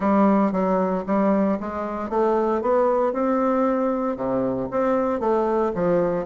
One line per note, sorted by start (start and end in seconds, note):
0.00 0.52 G3
0.52 1.04 F#3
1.06 1.58 G3
1.60 2.09 G#3
2.09 2.61 A3
2.61 3.12 B3
3.12 4.16 C4
4.16 4.68 C3
4.71 5.20 C4
5.20 5.72 A3
5.75 6.25 F3